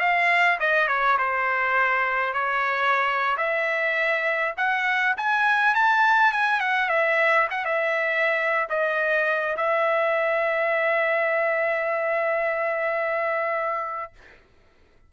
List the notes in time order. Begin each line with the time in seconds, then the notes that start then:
0.00 F5
0.60 D#5
0.88 C#5
1.18 C5
2.34 C#5
3.37 E5
4.57 F#5
5.17 G#5
5.75 A5
6.33 G#5
6.60 F#5
6.89 E5
7.51 F#5
7.65 E5
8.70 D#5
9.57 E5